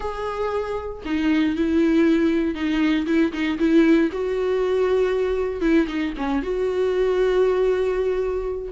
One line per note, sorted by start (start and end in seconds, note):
0.00 1.02 G#4
1.05 1.55 D#4
1.55 2.55 E4
2.55 3.06 D#4
3.06 3.32 E4
3.32 3.58 D#4
3.58 4.10 E4
4.12 5.61 F#4
5.61 5.86 E4
5.87 6.13 D#4
6.17 6.42 C#4
6.42 8.72 F#4